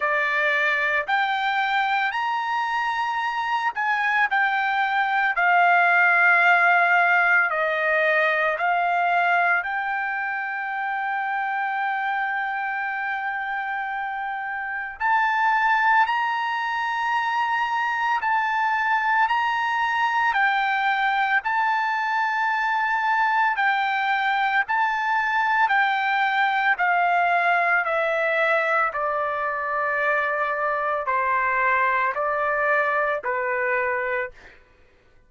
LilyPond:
\new Staff \with { instrumentName = "trumpet" } { \time 4/4 \tempo 4 = 56 d''4 g''4 ais''4. gis''8 | g''4 f''2 dis''4 | f''4 g''2.~ | g''2 a''4 ais''4~ |
ais''4 a''4 ais''4 g''4 | a''2 g''4 a''4 | g''4 f''4 e''4 d''4~ | d''4 c''4 d''4 b'4 | }